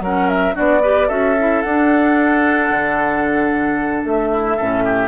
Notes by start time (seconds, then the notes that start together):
0.00 F#3 C#4 A#4 F#5
0.28 E5
0.53 B3 D4 F#4 D5
0.82 G4 B4
1.07 C#4 F#4 A4 E5
1.39 E4
1.62 D4 F#5
2.70 D3
4.04 A3 E5
4.32 E4
4.56 A2 C#4 A4
4.85 G4